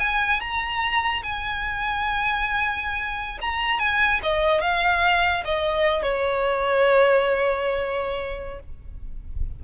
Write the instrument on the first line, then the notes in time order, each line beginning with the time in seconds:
violin
0.00 G#5
0.41 A#5
1.23 G#5
3.42 A#5
3.80 G#5
4.23 D#5
4.62 F5
5.45 D#5
6.03 C#5